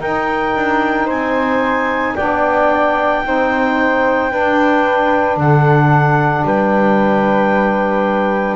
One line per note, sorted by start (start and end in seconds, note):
0.00 0.54 D#4
0.00 2.17 D#4
0.00 1.05 A#4
0.00 1.08 G5
0.55 1.08 D4
1.05 2.16 C4
1.05 2.12 C5
1.05 2.15 G#5
2.15 3.24 B3
2.15 3.24 D4
2.15 3.22 D5
2.15 5.37 G5
3.24 4.31 C4
3.24 4.29 D#4
3.24 4.31 C5
4.29 8.56 D4
4.29 5.36 D4
4.29 5.38 B4
5.36 6.44 D3
5.36 6.45 A4
5.36 6.45 F#5
6.44 8.56 G3
6.44 8.56 B4
6.44 8.56 G5